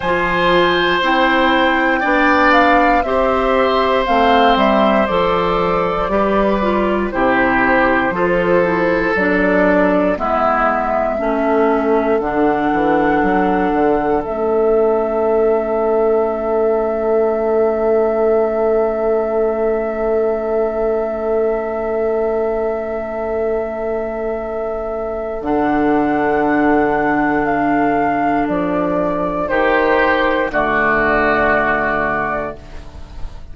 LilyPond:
<<
  \new Staff \with { instrumentName = "flute" } { \time 4/4 \tempo 4 = 59 gis''4 g''4. f''8 e''4 | f''8 e''8 d''2 c''4~ | c''4 d''4 e''2 | fis''2 e''2~ |
e''1~ | e''1~ | e''4 fis''2 f''4 | d''4 c''4 d''2 | }
  \new Staff \with { instrumentName = "oboe" } { \time 4/4 c''2 d''4 c''4~ | c''2 b'4 g'4 | a'2 e'4 a'4~ | a'1~ |
a'1~ | a'1~ | a'1~ | a'4 g'4 fis'2 | }
  \new Staff \with { instrumentName = "clarinet" } { \time 4/4 f'4 e'4 d'4 g'4 | c'4 a'4 g'8 f'8 e'4 | f'8 e'8 d'4 b4 cis'4 | d'2 cis'2~ |
cis'1~ | cis'1~ | cis'4 d'2.~ | d'4 dis'4 a2 | }
  \new Staff \with { instrumentName = "bassoon" } { \time 4/4 f4 c'4 b4 c'4 | a8 g8 f4 g4 c4 | f4 fis4 gis4 a4 | d8 e8 fis8 d8 a2~ |
a1~ | a1~ | a4 d2. | f4 dis4 d2 | }
>>